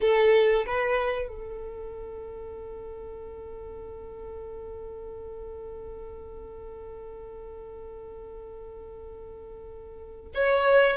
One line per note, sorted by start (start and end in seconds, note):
0.01 0.65 A4
0.65 1.28 B4
1.28 10.31 A4
10.34 10.96 C#5